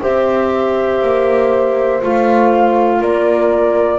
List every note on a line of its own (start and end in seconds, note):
0.00 1.02 C4
0.00 2.00 G4
0.00 3.00 C5
0.00 2.02 E5
1.02 2.02 A#3
2.01 3.01 A3
2.01 3.99 F4
2.01 3.02 F5
3.00 3.99 A#3
3.00 3.99 A#4
3.00 3.99 D5